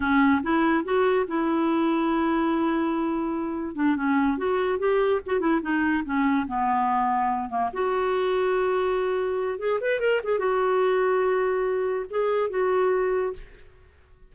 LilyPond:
\new Staff \with { instrumentName = "clarinet" } { \time 4/4 \tempo 4 = 144 cis'4 e'4 fis'4 e'4~ | e'1~ | e'4 d'8 cis'4 fis'4 g'8~ | g'8 fis'8 e'8 dis'4 cis'4 b8~ |
b2 ais8 fis'4.~ | fis'2. gis'8 b'8 | ais'8 gis'8 fis'2.~ | fis'4 gis'4 fis'2 | }